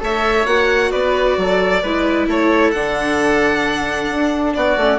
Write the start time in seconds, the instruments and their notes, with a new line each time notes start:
0.00 bassoon A3, viola A4, oboe C#5, violin E5
0.46 bassoon A#3, viola F#4, violin F#5
0.91 bassoon B3, oboe B4, violin D5
1.37 bassoon F#3, oboe A4
1.83 bassoon G#3, viola E4, oboe B4
2.27 bassoon A3, oboe A4, violin C#5
2.71 bassoon D3, viola D4, violin F#5
4.10 bassoon D4
4.54 bassoon B3, oboe F#4, violin D5
4.77 bassoon A3, viola C#4